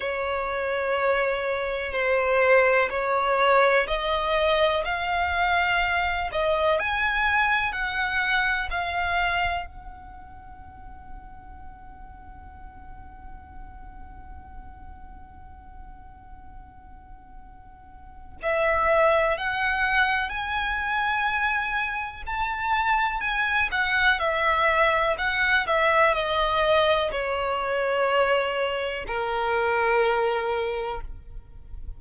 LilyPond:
\new Staff \with { instrumentName = "violin" } { \time 4/4 \tempo 4 = 62 cis''2 c''4 cis''4 | dis''4 f''4. dis''8 gis''4 | fis''4 f''4 fis''2~ | fis''1~ |
fis''2. e''4 | fis''4 gis''2 a''4 | gis''8 fis''8 e''4 fis''8 e''8 dis''4 | cis''2 ais'2 | }